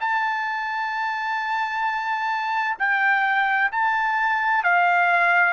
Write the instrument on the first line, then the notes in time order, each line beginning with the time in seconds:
trumpet
0.00 A5
2.79 G5
3.71 A5
4.63 F5